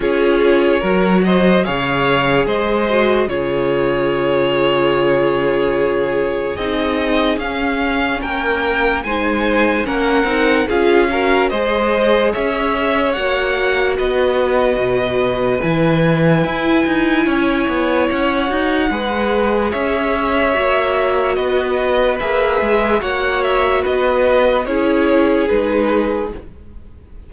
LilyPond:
<<
  \new Staff \with { instrumentName = "violin" } { \time 4/4 \tempo 4 = 73 cis''4. dis''8 f''4 dis''4 | cis''1 | dis''4 f''4 g''4 gis''4 | fis''4 f''4 dis''4 e''4 |
fis''4 dis''2 gis''4~ | gis''2 fis''2 | e''2 dis''4 e''4 | fis''8 e''8 dis''4 cis''4 b'4 | }
  \new Staff \with { instrumentName = "violin" } { \time 4/4 gis'4 ais'8 c''8 cis''4 c''4 | gis'1~ | gis'2 ais'4 c''4 | ais'4 gis'8 ais'8 c''4 cis''4~ |
cis''4 b'2.~ | b'4 cis''2 b'4 | cis''2 b'2 | cis''4 b'4 gis'2 | }
  \new Staff \with { instrumentName = "viola" } { \time 4/4 f'4 fis'4 gis'4. fis'8 | f'1 | dis'4 cis'2 dis'4 | cis'8 dis'8 f'8 fis'8 gis'2 |
fis'2. e'4~ | e'2~ e'8 fis'8 gis'4~ | gis'4 fis'2 gis'4 | fis'2 e'4 dis'4 | }
  \new Staff \with { instrumentName = "cello" } { \time 4/4 cis'4 fis4 cis4 gis4 | cis1 | c'4 cis'4 ais4 gis4 | ais8 c'8 cis'4 gis4 cis'4 |
ais4 b4 b,4 e4 | e'8 dis'8 cis'8 b8 cis'8 dis'8 gis4 | cis'4 ais4 b4 ais8 gis8 | ais4 b4 cis'4 gis4 | }
>>